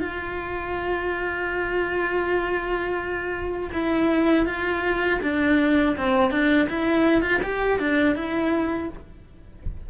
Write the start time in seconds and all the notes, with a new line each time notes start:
0.00 F4
3.73 E4
4.46 F4
5.23 D4
5.97 C4
6.31 D4
6.69 E4
7.22 F4
7.43 G4
7.79 D4
8.15 E4